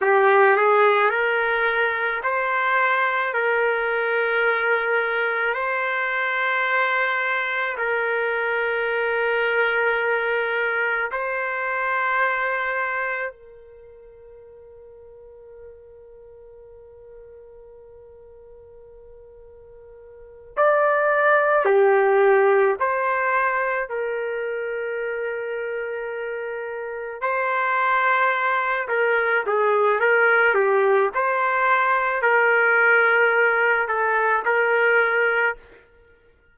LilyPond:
\new Staff \with { instrumentName = "trumpet" } { \time 4/4 \tempo 4 = 54 g'8 gis'8 ais'4 c''4 ais'4~ | ais'4 c''2 ais'4~ | ais'2 c''2 | ais'1~ |
ais'2~ ais'8 d''4 g'8~ | g'8 c''4 ais'2~ ais'8~ | ais'8 c''4. ais'8 gis'8 ais'8 g'8 | c''4 ais'4. a'8 ais'4 | }